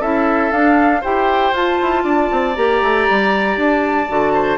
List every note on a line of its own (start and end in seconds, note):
0.00 0.51 C#4
0.00 0.52 E4
0.00 1.01 A4
0.00 0.51 E5
0.51 1.02 D4
0.51 1.03 D4
0.51 1.02 F5
1.01 1.52 E4
1.01 1.54 G4
1.01 2.02 C5
1.01 1.54 G5
1.52 1.77 F4
1.52 2.55 F4
1.52 2.56 A5
1.81 2.03 E4
2.03 2.29 D4
2.03 4.33 D5
2.31 2.56 C4
2.55 2.82 A#3
2.55 4.08 G4
2.55 3.57 A#5
2.82 3.07 A3
3.09 3.56 G3
3.56 4.07 D4
3.56 4.58 A5
4.08 4.58 D3
4.08 4.58 F#4
4.33 4.58 C5